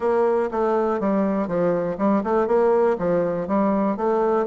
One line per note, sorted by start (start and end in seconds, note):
0.00 0.50 A#3
0.51 1.00 A3
1.00 1.47 G3
1.47 1.97 F3
1.97 2.22 G3
2.23 2.47 A3
2.47 2.96 A#3
2.98 3.47 F3
3.47 3.96 G3
3.96 4.46 A3